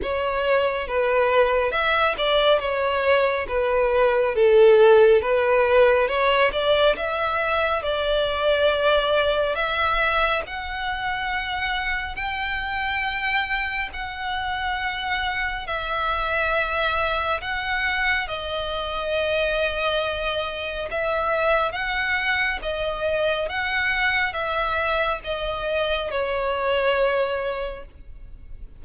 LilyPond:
\new Staff \with { instrumentName = "violin" } { \time 4/4 \tempo 4 = 69 cis''4 b'4 e''8 d''8 cis''4 | b'4 a'4 b'4 cis''8 d''8 | e''4 d''2 e''4 | fis''2 g''2 |
fis''2 e''2 | fis''4 dis''2. | e''4 fis''4 dis''4 fis''4 | e''4 dis''4 cis''2 | }